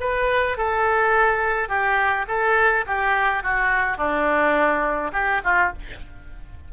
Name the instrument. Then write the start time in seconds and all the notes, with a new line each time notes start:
oboe
0.00 B4
0.57 A4
1.68 G4
2.28 A4
2.86 G4
3.43 F#4
3.97 D4
5.13 G4
5.44 F4